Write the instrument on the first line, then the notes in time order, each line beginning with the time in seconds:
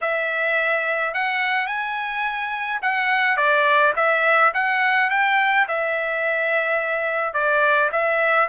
trumpet
0.01 E5
1.13 F#5
1.66 G#5
2.81 F#5
3.36 D5
3.96 E5
4.54 F#5
5.10 G5
5.68 E5
7.33 D5
7.91 E5